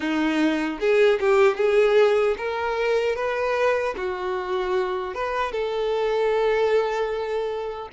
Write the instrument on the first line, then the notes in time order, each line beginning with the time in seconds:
violin
0.00 D#4
0.79 G#4
1.19 G4
1.56 G#4
2.37 A#4
3.15 B4
3.97 F#4
5.14 B4
5.52 A4